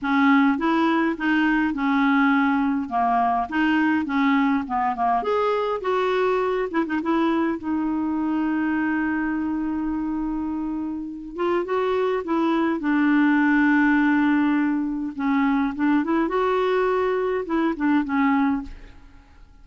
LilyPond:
\new Staff \with { instrumentName = "clarinet" } { \time 4/4 \tempo 4 = 103 cis'4 e'4 dis'4 cis'4~ | cis'4 ais4 dis'4 cis'4 | b8 ais8 gis'4 fis'4. e'16 dis'16 | e'4 dis'2.~ |
dis'2.~ dis'8 f'8 | fis'4 e'4 d'2~ | d'2 cis'4 d'8 e'8 | fis'2 e'8 d'8 cis'4 | }